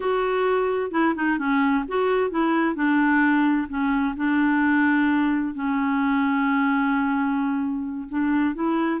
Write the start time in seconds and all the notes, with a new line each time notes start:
0.00 F#4
0.91 E4
1.15 D#4
1.38 C#4
1.87 F#4
2.30 E4
2.75 D4
3.68 C#4
4.16 D4
5.54 C#4
8.08 D4
8.54 E4